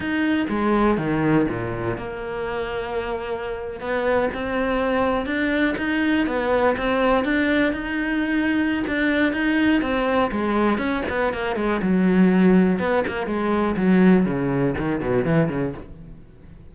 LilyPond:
\new Staff \with { instrumentName = "cello" } { \time 4/4 \tempo 4 = 122 dis'4 gis4 dis4 ais,4 | ais2.~ ais8. b16~ | b8. c'2 d'4 dis'16~ | dis'8. b4 c'4 d'4 dis'16~ |
dis'2 d'4 dis'4 | c'4 gis4 cis'8 b8 ais8 gis8 | fis2 b8 ais8 gis4 | fis4 cis4 dis8 b,8 e8 cis8 | }